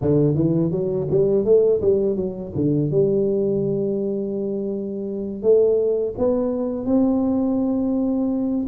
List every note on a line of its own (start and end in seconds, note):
0.01 0.35 D3
0.35 0.71 E3
0.71 1.07 F#3
1.10 1.44 G3
1.44 1.80 A3
1.81 2.16 G3
2.16 2.52 F#3
2.55 2.90 D3
2.90 5.42 G3
5.42 6.14 A3
6.18 6.85 B3
6.85 8.66 C4